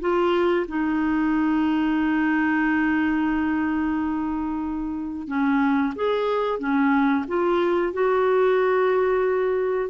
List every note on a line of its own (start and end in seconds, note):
0.00 0.66 F4
0.68 5.27 D#4
5.27 5.93 C#4
5.95 6.59 G#4
6.59 7.25 C#4
7.27 7.93 F4
7.93 9.89 F#4